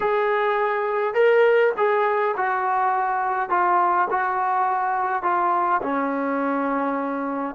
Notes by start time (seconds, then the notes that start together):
0.00 G#4
1.14 A#4
1.77 G#4
2.36 F#4
3.49 F4
4.10 F#4
5.23 F4
5.82 C#4